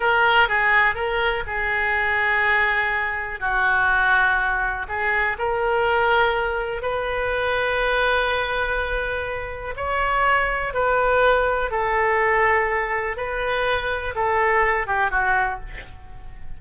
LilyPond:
\new Staff \with { instrumentName = "oboe" } { \time 4/4 \tempo 4 = 123 ais'4 gis'4 ais'4 gis'4~ | gis'2. fis'4~ | fis'2 gis'4 ais'4~ | ais'2 b'2~ |
b'1 | cis''2 b'2 | a'2. b'4~ | b'4 a'4. g'8 fis'4 | }